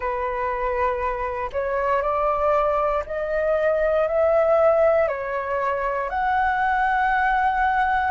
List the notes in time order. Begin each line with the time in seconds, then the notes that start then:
0.00 B4
1.52 C#5
2.02 D5
3.06 D#5
4.07 E5
5.08 C#5
6.09 F#5